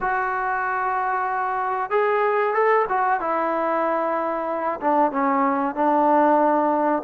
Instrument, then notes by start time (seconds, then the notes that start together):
trombone
0.01 F#4
1.90 G#4
2.54 A4
2.88 F#4
3.20 E4
4.80 D4
5.11 C#4
5.75 D4